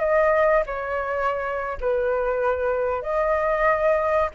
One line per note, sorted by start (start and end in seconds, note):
0.00 0.64 D#5
0.66 1.78 C#5
1.81 3.03 B4
3.03 4.30 D#5